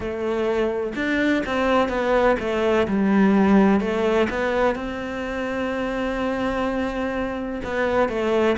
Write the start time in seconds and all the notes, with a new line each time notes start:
0.00 A3
0.95 D4
1.45 C4
1.88 B3
2.39 A3
2.87 G3
3.80 A3
4.29 B3
4.75 C4
7.64 B3
8.09 A3